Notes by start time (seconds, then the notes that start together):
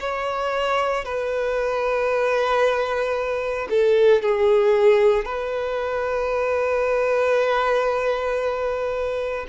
0.00 C#5
1.04 B4
3.70 A4
4.22 G#4
5.25 B4